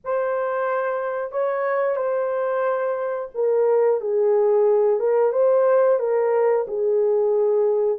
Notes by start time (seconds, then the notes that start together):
0.04 C5
1.31 C#5
1.95 C5
3.34 A#4
4.00 G#4
4.99 A#4
5.32 C5
5.99 A#4
6.67 G#4